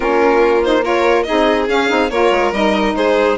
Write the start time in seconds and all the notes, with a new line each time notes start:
0.00 A#3 C#4 F4 A#4
0.63 D#4 C5
0.82 F4 A#4 C#5
1.23 D#4 G#4 D#5
1.30 C4
1.68 C#4 F5
1.88 C4 D#4
2.10 A#3 F4 A#4 C#5
2.30 G#3
2.52 G3 D#4 D#5
2.95 G#3 G#4 C5